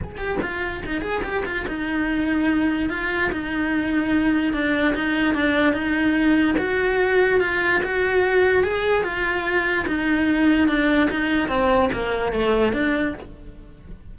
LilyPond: \new Staff \with { instrumentName = "cello" } { \time 4/4 \tempo 4 = 146 gis'8 g'8 f'4 dis'8 gis'8 g'8 f'8 | dis'2. f'4 | dis'2. d'4 | dis'4 d'4 dis'2 |
fis'2 f'4 fis'4~ | fis'4 gis'4 f'2 | dis'2 d'4 dis'4 | c'4 ais4 a4 d'4 | }